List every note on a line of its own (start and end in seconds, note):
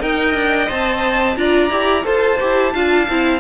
0.00 0.34 D#4
0.00 0.67 A#4
0.00 1.36 D#5
0.00 0.70 G5
0.34 0.68 D4
0.67 1.36 C4
0.67 1.35 C5
0.67 1.37 A5
1.36 1.70 D4
1.36 1.70 F4
1.36 2.05 D5
1.36 2.05 A#5
1.70 2.04 E4
1.70 2.04 G4
2.04 2.40 F4
2.04 2.38 A4
2.04 2.72 C5
2.04 3.40 A5
2.39 2.74 E4
2.39 2.73 G4
2.72 3.08 D4
2.72 3.08 F4
2.72 3.40 F5
3.09 3.40 C4
3.09 3.40 E4